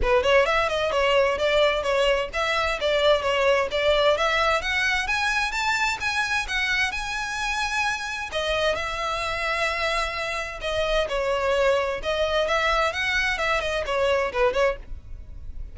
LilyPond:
\new Staff \with { instrumentName = "violin" } { \time 4/4 \tempo 4 = 130 b'8 cis''8 e''8 dis''8 cis''4 d''4 | cis''4 e''4 d''4 cis''4 | d''4 e''4 fis''4 gis''4 | a''4 gis''4 fis''4 gis''4~ |
gis''2 dis''4 e''4~ | e''2. dis''4 | cis''2 dis''4 e''4 | fis''4 e''8 dis''8 cis''4 b'8 cis''8 | }